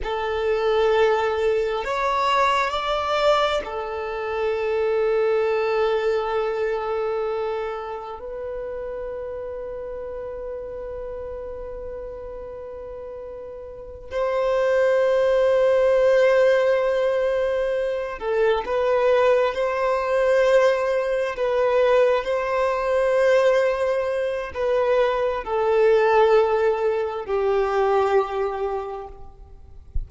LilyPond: \new Staff \with { instrumentName = "violin" } { \time 4/4 \tempo 4 = 66 a'2 cis''4 d''4 | a'1~ | a'4 b'2.~ | b'2.~ b'8 c''8~ |
c''1 | a'8 b'4 c''2 b'8~ | b'8 c''2~ c''8 b'4 | a'2 g'2 | }